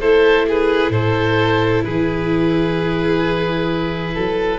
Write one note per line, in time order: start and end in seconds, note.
0.00 0.90 A3
0.00 4.59 E4
0.00 0.46 A4
0.00 0.47 C5
0.48 0.92 G#4
0.48 0.92 B4
0.90 1.82 A2
0.90 1.85 A4
0.90 1.84 C5
1.84 4.16 E3
1.84 4.14 G#4
1.84 4.59 B4
4.14 4.59 F#3
4.14 4.59 A4